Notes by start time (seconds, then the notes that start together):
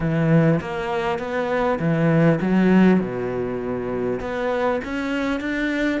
0.00 E3
0.61 A#3
1.18 B3
1.79 E3
2.41 F#3
3.00 B2
4.20 B3
4.84 C#4
5.40 D4